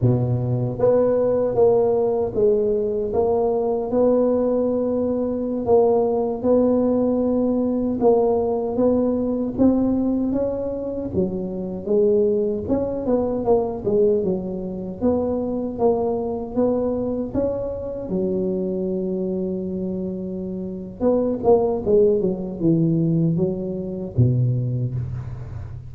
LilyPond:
\new Staff \with { instrumentName = "tuba" } { \time 4/4 \tempo 4 = 77 b,4 b4 ais4 gis4 | ais4 b2~ b16 ais8.~ | ais16 b2 ais4 b8.~ | b16 c'4 cis'4 fis4 gis8.~ |
gis16 cis'8 b8 ais8 gis8 fis4 b8.~ | b16 ais4 b4 cis'4 fis8.~ | fis2. b8 ais8 | gis8 fis8 e4 fis4 b,4 | }